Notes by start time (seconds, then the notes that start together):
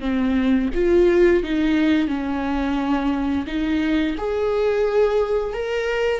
0.00 C4
0.74 F4
1.44 D#4
2.08 C#4
3.47 D#4
4.18 G#4
5.54 A#4